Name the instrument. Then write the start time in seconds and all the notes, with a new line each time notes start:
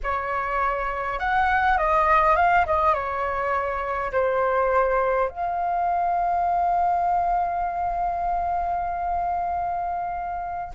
flute
0.03 C#5
1.19 F#5
1.77 D#5
2.36 F5
2.66 D#5
2.94 C#5
4.11 C5
5.29 F5